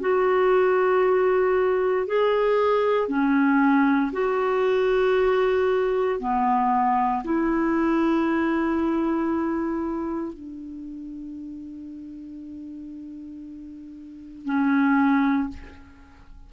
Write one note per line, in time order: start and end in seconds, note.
0.00 2.06 F#4
2.06 3.08 G#4
3.08 4.11 C#4
4.12 6.19 F#4
6.19 7.23 B3
7.23 10.33 E4
10.33 14.45 D4
14.45 15.48 C#4